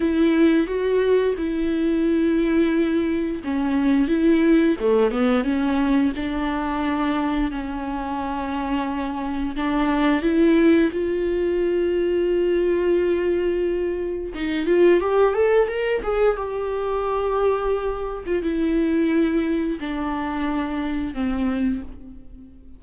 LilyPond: \new Staff \with { instrumentName = "viola" } { \time 4/4 \tempo 4 = 88 e'4 fis'4 e'2~ | e'4 cis'4 e'4 a8 b8 | cis'4 d'2 cis'4~ | cis'2 d'4 e'4 |
f'1~ | f'4 dis'8 f'8 g'8 a'8 ais'8 gis'8 | g'2~ g'8. f'16 e'4~ | e'4 d'2 c'4 | }